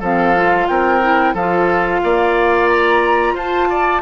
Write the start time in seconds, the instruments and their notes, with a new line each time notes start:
0.00 bassoon F3, clarinet C4, oboe A4, flute F5
0.36 clarinet F4
0.68 bassoon C4, oboe A#4, flute G5
1.02 clarinet E4
1.34 bassoon F3, clarinet F4, oboe A4, flute F5
2.03 bassoon A#3, oboe D5
2.68 flute A#5
3.33 bassoon F4, oboe C5, flute A5
3.70 oboe D5